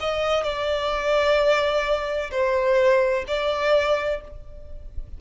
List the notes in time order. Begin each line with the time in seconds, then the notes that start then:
0.00 D#5
0.43 D5
2.31 C5
3.27 D5